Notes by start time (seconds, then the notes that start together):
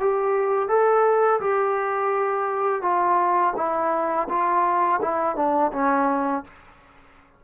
0.00 G4
0.69 A4
1.41 G4
2.82 F4
3.56 E4
4.29 F4
5.02 E4
5.36 D4
5.72 C#4